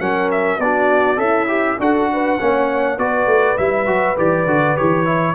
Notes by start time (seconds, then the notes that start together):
0.00 F#3 C#4 A#4 F#5
0.32 E5
0.59 B3 D4 F#4 D5
1.17 C#4 E4 A4 E5
1.48 G4
1.79 D4 F#4 A4 F#5
2.13 B4
2.39 A#3 C#4 C#5
2.98 B3 F#4 B4 D5
3.27 A3
3.58 G3 E4 E5
3.87 F#3 F#4
4.17 E3 G4 D5
4.46 D3 F#4
4.77 E3 G4 C#5
5.06 E4